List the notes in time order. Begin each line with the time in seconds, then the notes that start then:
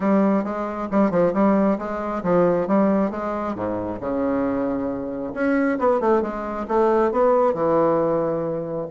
0.00 G3
0.43 G#3
0.91 G3
1.11 F3
1.33 G3
1.78 G#3
2.23 F3
2.67 G3
3.11 G#3
3.55 G#2
4.00 C#3
5.34 C#4
5.79 B3
6.00 A3
6.22 G#3
6.67 A3
7.11 B3
7.54 E3